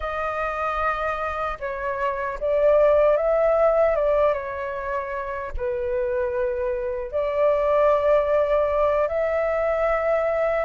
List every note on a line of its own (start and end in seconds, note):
0.00 1.58 D#5
1.59 2.38 C#5
2.40 3.16 D5
3.16 3.95 E5
3.95 4.33 D5
4.33 5.52 C#5
5.57 7.11 B4
7.11 9.08 D5
9.08 10.64 E5